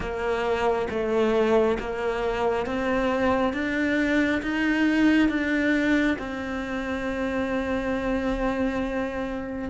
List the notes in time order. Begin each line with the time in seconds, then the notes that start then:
0.00 A#3
0.89 A3
1.79 A#3
2.66 C4
3.53 D4
4.42 D#4
5.29 D4
6.18 C4